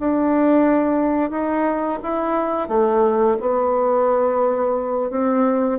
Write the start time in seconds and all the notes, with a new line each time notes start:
0.00 D4
1.31 D#4
2.03 E4
2.69 A3
3.40 B3
5.11 C4